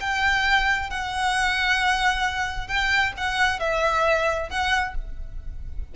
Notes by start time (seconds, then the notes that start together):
0.00 G5
0.90 F#5
2.67 G5
3.17 F#5
3.60 E5
4.50 F#5